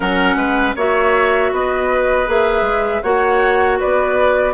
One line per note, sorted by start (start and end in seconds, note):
0.00 0.35 F#3
0.00 0.75 C#4
0.00 0.35 A#4
0.00 0.74 F#5
0.35 0.73 G#3
0.35 0.75 B4
0.75 1.51 A#3
0.75 2.26 F#4
0.75 1.51 C#5
0.75 1.53 E5
1.52 2.27 B3
1.52 3.02 B4
1.52 2.29 D#5
2.26 2.61 A#3
2.26 3.02 G#4
2.26 3.02 E5
2.61 2.99 G#3
3.02 3.79 A#3
3.02 4.53 F#4
3.02 3.78 C#5
3.02 3.78 F#5
3.79 4.53 B3
3.79 4.53 B4
3.79 4.53 D5